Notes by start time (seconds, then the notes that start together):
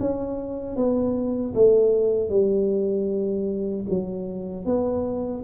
0.00 C#4
0.76 B3
1.54 A3
2.30 G3
3.89 F#3
4.65 B3